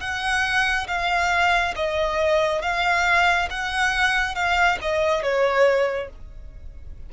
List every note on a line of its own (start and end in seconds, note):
0.00 0.87 F#5
0.87 1.74 F5
1.75 2.62 D#5
2.62 3.49 F5
3.50 4.35 F#5
4.35 4.78 F5
4.81 5.23 D#5
5.23 6.09 C#5